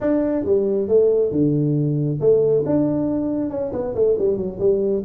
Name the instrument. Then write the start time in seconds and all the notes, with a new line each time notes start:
tuba
0.00 D4
0.44 G3
0.88 A3
1.31 D3
2.20 A3
2.66 D4
3.50 C#4
3.72 B3
3.94 A3
4.18 G3
4.37 F#3
4.59 G3